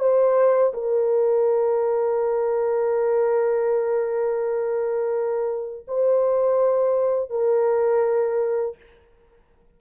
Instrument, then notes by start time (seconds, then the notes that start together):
horn
0.00 C5
0.74 A#4
5.88 C5
7.30 A#4